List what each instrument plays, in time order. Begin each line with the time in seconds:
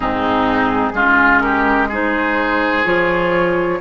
0.00 bassoon G#2, clarinet C4, oboe D#4, flute G#4
0.93 bassoon G#3, clarinet C#4, oboe F4
1.40 oboe G4, flute A#4
1.88 clarinet D#4, oboe G#4, flute C5
2.84 bassoon F3, clarinet F4, flute C#5